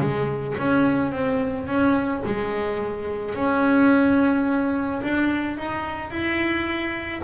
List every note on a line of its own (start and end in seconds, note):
0.00 0.56 G#3
0.58 1.12 C#4
1.12 1.67 C4
1.67 2.22 C#4
2.25 3.35 G#3
3.35 5.02 C#4
5.03 5.57 D4
5.57 6.10 D#4
6.10 7.21 E4